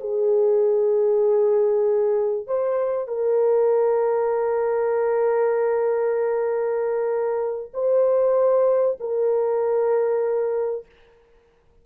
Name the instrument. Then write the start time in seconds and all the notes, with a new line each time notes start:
horn
0.00 G#4
2.46 C5
3.07 A#4
7.73 C5
8.99 A#4